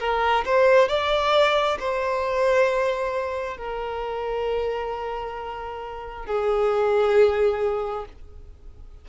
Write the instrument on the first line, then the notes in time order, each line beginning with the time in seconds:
violin
0.00 A#4
0.46 C5
0.89 D5
1.80 C5
3.57 A#4
6.26 G#4